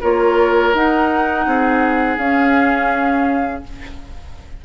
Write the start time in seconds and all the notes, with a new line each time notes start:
0.00 A#3 F4 A#4 C#5
0.74 D#4 F#5
1.46 C4 G#4
2.17 C#4 F5